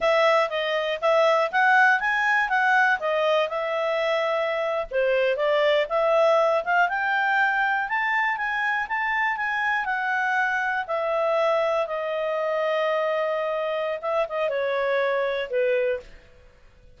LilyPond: \new Staff \with { instrumentName = "clarinet" } { \time 4/4 \tempo 4 = 120 e''4 dis''4 e''4 fis''4 | gis''4 fis''4 dis''4 e''4~ | e''4.~ e''16 c''4 d''4 e''16~ | e''4~ e''16 f''8 g''2 a''16~ |
a''8. gis''4 a''4 gis''4 fis''16~ | fis''4.~ fis''16 e''2 dis''16~ | dis''1 | e''8 dis''8 cis''2 b'4 | }